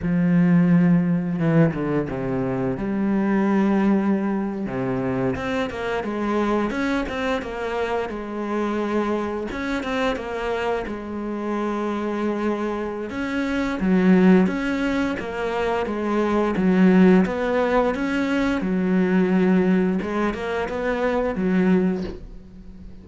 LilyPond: \new Staff \with { instrumentName = "cello" } { \time 4/4 \tempo 4 = 87 f2 e8 d8 c4 | g2~ g8. c4 c'16~ | c'16 ais8 gis4 cis'8 c'8 ais4 gis16~ | gis4.~ gis16 cis'8 c'8 ais4 gis16~ |
gis2. cis'4 | fis4 cis'4 ais4 gis4 | fis4 b4 cis'4 fis4~ | fis4 gis8 ais8 b4 fis4 | }